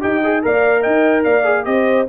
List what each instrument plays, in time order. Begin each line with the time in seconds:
0.00 tuba D#4, trombone G4, horn D#5, trumpet G5
0.23 trombone G#4
0.42 tuba A#3, trombone A#4, horn D5, trumpet F5
0.80 tuba D#4, horn D#5, trumpet G5
1.23 tuba A#3, horn D5, trumpet F5
1.44 trombone G#4
1.64 tuba C4, trombone G4, horn C5, trumpet D#5